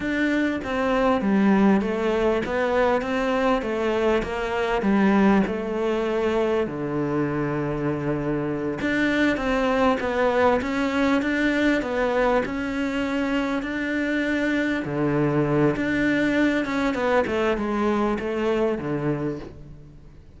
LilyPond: \new Staff \with { instrumentName = "cello" } { \time 4/4 \tempo 4 = 99 d'4 c'4 g4 a4 | b4 c'4 a4 ais4 | g4 a2 d4~ | d2~ d8 d'4 c'8~ |
c'8 b4 cis'4 d'4 b8~ | b8 cis'2 d'4.~ | d'8 d4. d'4. cis'8 | b8 a8 gis4 a4 d4 | }